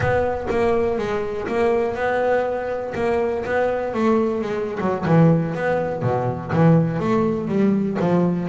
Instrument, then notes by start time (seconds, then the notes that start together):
double bass
0.00 B3
0.50 A#3
0.97 G#3
1.47 A#3
1.95 B3
2.95 A#3
3.45 B3
3.93 A3
4.41 G#3
4.80 F#3
5.05 E3
5.54 B3
6.02 B2
6.53 E3
6.99 A3
7.48 G3
7.99 F3